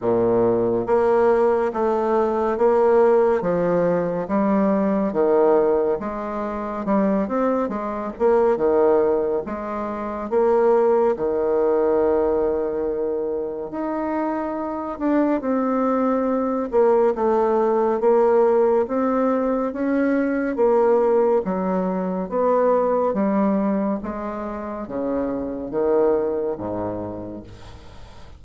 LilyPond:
\new Staff \with { instrumentName = "bassoon" } { \time 4/4 \tempo 4 = 70 ais,4 ais4 a4 ais4 | f4 g4 dis4 gis4 | g8 c'8 gis8 ais8 dis4 gis4 | ais4 dis2. |
dis'4. d'8 c'4. ais8 | a4 ais4 c'4 cis'4 | ais4 fis4 b4 g4 | gis4 cis4 dis4 gis,4 | }